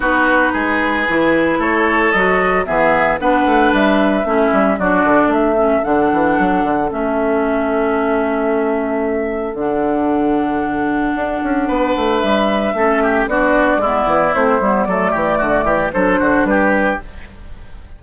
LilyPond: <<
  \new Staff \with { instrumentName = "flute" } { \time 4/4 \tempo 4 = 113 b'2. cis''4 | dis''4 e''4 fis''4 e''4~ | e''4 d''4 e''4 fis''4~ | fis''4 e''2.~ |
e''2 fis''2~ | fis''2. e''4~ | e''4 d''2 c''4 | d''2 c''4 b'4 | }
  \new Staff \with { instrumentName = "oboe" } { \time 4/4 fis'4 gis'2 a'4~ | a'4 gis'4 b'2 | e'4 fis'4 a'2~ | a'1~ |
a'1~ | a'2 b'2 | a'8 g'8 fis'4 e'2 | a'8 g'8 fis'8 g'8 a'8 fis'8 g'4 | }
  \new Staff \with { instrumentName = "clarinet" } { \time 4/4 dis'2 e'2 | fis'4 b4 d'2 | cis'4 d'4. cis'8 d'4~ | d'4 cis'2.~ |
cis'2 d'2~ | d'1 | cis'4 d'4 b4 c'8 b8 | a2 d'2 | }
  \new Staff \with { instrumentName = "bassoon" } { \time 4/4 b4 gis4 e4 a4 | fis4 e4 b8 a8 g4 | a8 g8 fis8 d8 a4 d8 e8 | fis8 d8 a2.~ |
a2 d2~ | d4 d'8 cis'8 b8 a8 g4 | a4 b4 gis8 e8 a8 g8 | fis8 e8 d8 e8 fis8 d8 g4 | }
>>